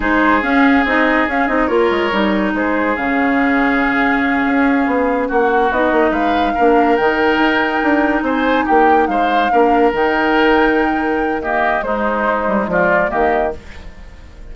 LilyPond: <<
  \new Staff \with { instrumentName = "flute" } { \time 4/4 \tempo 4 = 142 c''4 f''4 dis''4 f''8 dis''8 | cis''2 c''4 f''4~ | f''1~ | f''8 fis''4 dis''4 f''4.~ |
f''8 g''2. gis''8~ | gis''8 g''4 f''2 g''8~ | g''2. dis''4 | c''2 d''4 dis''4 | }
  \new Staff \with { instrumentName = "oboe" } { \time 4/4 gis'1 | ais'2 gis'2~ | gis'1~ | gis'8 fis'2 b'4 ais'8~ |
ais'2.~ ais'8 c''8~ | c''8 g'4 c''4 ais'4.~ | ais'2. g'4 | dis'2 f'4 g'4 | }
  \new Staff \with { instrumentName = "clarinet" } { \time 4/4 dis'4 cis'4 dis'4 cis'8 dis'8 | f'4 dis'2 cis'4~ | cis'1~ | cis'4. dis'2 d'8~ |
d'8 dis'2.~ dis'8~ | dis'2~ dis'8 d'4 dis'8~ | dis'2. ais4 | gis2. ais4 | }
  \new Staff \with { instrumentName = "bassoon" } { \time 4/4 gis4 cis'4 c'4 cis'8 c'8 | ais8 gis8 g4 gis4 cis4~ | cis2~ cis8 cis'4 b8~ | b8 ais4 b8 ais8 gis4 ais8~ |
ais8 dis4 dis'4 d'4 c'8~ | c'8 ais4 gis4 ais4 dis8~ | dis1 | gis4. g8 f4 dis4 | }
>>